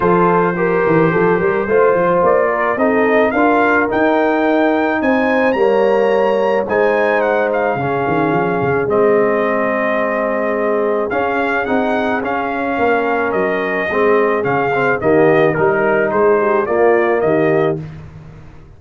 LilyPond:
<<
  \new Staff \with { instrumentName = "trumpet" } { \time 4/4 \tempo 4 = 108 c''1 | d''4 dis''4 f''4 g''4~ | g''4 gis''4 ais''2 | gis''4 fis''8 f''2~ f''8 |
dis''1 | f''4 fis''4 f''2 | dis''2 f''4 dis''4 | ais'4 c''4 d''4 dis''4 | }
  \new Staff \with { instrumentName = "horn" } { \time 4/4 a'4 ais'4 a'8 ais'8 c''4~ | c''8 ais'8 a'4 ais'2~ | ais'4 c''4 cis''2 | c''2 gis'2~ |
gis'1~ | gis'2. ais'4~ | ais'4 gis'2 g'4 | ais'4 gis'8 g'8 f'4 g'4 | }
  \new Staff \with { instrumentName = "trombone" } { \time 4/4 f'4 g'2 f'4~ | f'4 dis'4 f'4 dis'4~ | dis'2 ais2 | dis'2 cis'2 |
c'1 | cis'4 dis'4 cis'2~ | cis'4 c'4 cis'8 c'8 ais4 | dis'2 ais2 | }
  \new Staff \with { instrumentName = "tuba" } { \time 4/4 f4. e8 f8 g8 a8 f8 | ais4 c'4 d'4 dis'4~ | dis'4 c'4 g2 | gis2 cis8 dis8 f8 cis8 |
gis1 | cis'4 c'4 cis'4 ais4 | fis4 gis4 cis4 dis4 | g4 gis4 ais4 dis4 | }
>>